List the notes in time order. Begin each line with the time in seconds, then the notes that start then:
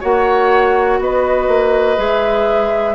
0.00 A#3 F#4 C#5 F#5
0.99 B3 B4 D#5
1.48 A#3
1.96 G#3 G#4 E5